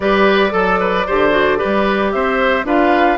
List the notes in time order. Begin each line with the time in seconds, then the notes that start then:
0.00 G3 G4 B4 D5
0.50 F#3 A4
0.80 B4
1.06 D3 G4 C5
1.30 F#4
1.57 G4 B4
1.64 G3
2.11 C4 C5 E5
2.64 D4 F4 B4 F5